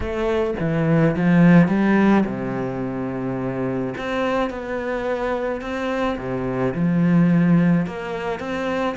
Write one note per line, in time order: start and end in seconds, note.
0.00 0.54 A3
0.59 1.15 E3
1.16 1.68 F3
1.68 2.24 G3
2.25 3.94 C3
3.97 4.50 C4
4.50 5.61 B3
5.61 6.17 C4
6.17 6.73 C3
6.74 7.86 F3
7.86 8.39 A#3
8.39 8.95 C4